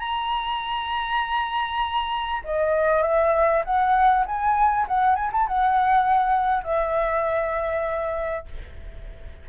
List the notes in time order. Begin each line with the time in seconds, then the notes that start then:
0.00 A#5
2.45 D#5
3.03 E5
3.65 F#5
4.26 G#5
4.88 F#5
5.16 G#5
5.33 A5
5.48 F#5
6.64 E5